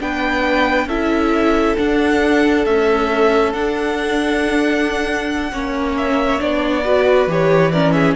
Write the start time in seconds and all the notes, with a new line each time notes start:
0.00 B3 D4 B4 G5
0.86 C#4 E4 A4 E5
1.77 D4 F#5
2.66 A3 C#4 E5
3.53 D4 F#5
5.52 A#3 C#4 C#5
5.97 E5
6.40 B3 D4 D5
6.84 F#4 B4
7.27 E3 G4 C#5
7.72 C#4 A#4 D5
7.92 G#4 E5